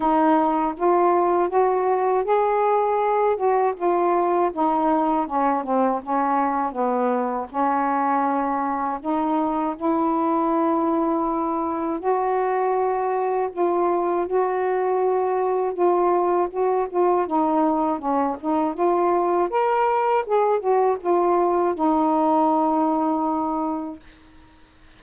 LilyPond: \new Staff \with { instrumentName = "saxophone" } { \time 4/4 \tempo 4 = 80 dis'4 f'4 fis'4 gis'4~ | gis'8 fis'8 f'4 dis'4 cis'8 c'8 | cis'4 b4 cis'2 | dis'4 e'2. |
fis'2 f'4 fis'4~ | fis'4 f'4 fis'8 f'8 dis'4 | cis'8 dis'8 f'4 ais'4 gis'8 fis'8 | f'4 dis'2. | }